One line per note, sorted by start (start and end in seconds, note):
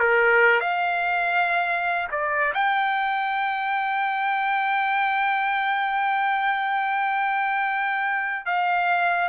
0.00 0.61 A#4
0.61 2.09 F5
2.12 2.54 D5
2.54 8.46 G5
8.46 9.29 F5